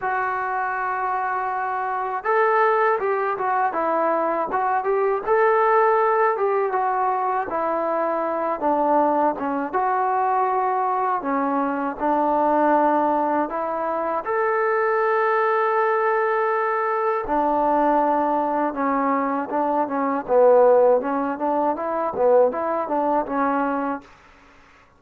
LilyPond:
\new Staff \with { instrumentName = "trombone" } { \time 4/4 \tempo 4 = 80 fis'2. a'4 | g'8 fis'8 e'4 fis'8 g'8 a'4~ | a'8 g'8 fis'4 e'4. d'8~ | d'8 cis'8 fis'2 cis'4 |
d'2 e'4 a'4~ | a'2. d'4~ | d'4 cis'4 d'8 cis'8 b4 | cis'8 d'8 e'8 b8 e'8 d'8 cis'4 | }